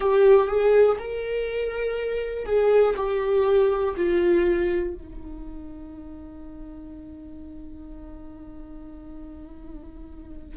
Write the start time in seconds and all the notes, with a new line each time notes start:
0.00 G4
0.47 G#4
0.98 A#4
2.45 G#4
2.96 G4
3.96 F4
4.94 D#4